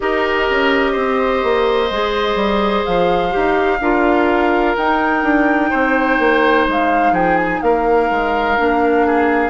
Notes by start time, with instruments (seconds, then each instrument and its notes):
0.00 bassoon D#4, clarinet G4, oboe A#4, flute D#5
0.49 bassoon C#4
0.92 bassoon C4, oboe C5
1.43 bassoon A#3
1.90 bassoon G#3, clarinet G#4
2.35 bassoon G3
2.85 bassoon F3, flute F5
3.30 bassoon D#4, clarinet G4
3.80 bassoon D4, clarinet F4, oboe A#4
4.77 bassoon D#4, clarinet D#4, flute G5
5.23 bassoon D4
5.70 bassoon C4, oboe C5
6.18 bassoon A#3
6.67 bassoon G#3, flute F5
7.11 bassoon F3, oboe G#4, flute G5
7.37 flute G#5
7.61 bassoon A#3, oboe A#4, flute F5
8.10 bassoon G#3
8.57 bassoon A#3, clarinet D4
9.06 oboe G#4